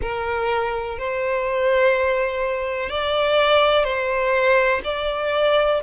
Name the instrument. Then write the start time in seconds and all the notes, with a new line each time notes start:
violin
0.01 A#4
0.98 C5
2.89 D5
3.84 C5
4.84 D5